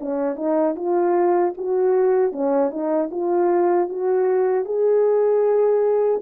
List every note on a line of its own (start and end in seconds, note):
0.00 0.36 C#4
0.36 0.75 D#4
0.75 1.53 F4
1.57 2.32 F#4
2.32 2.70 C#4
2.70 3.09 D#4
3.11 3.89 F4
3.89 4.65 F#4
4.65 6.21 G#4